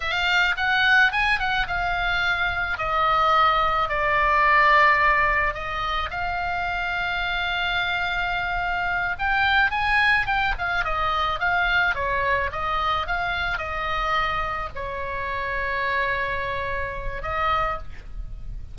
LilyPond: \new Staff \with { instrumentName = "oboe" } { \time 4/4 \tempo 4 = 108 f''4 fis''4 gis''8 fis''8 f''4~ | f''4 dis''2 d''4~ | d''2 dis''4 f''4~ | f''1~ |
f''8 g''4 gis''4 g''8 f''8 dis''8~ | dis''8 f''4 cis''4 dis''4 f''8~ | f''8 dis''2 cis''4.~ | cis''2. dis''4 | }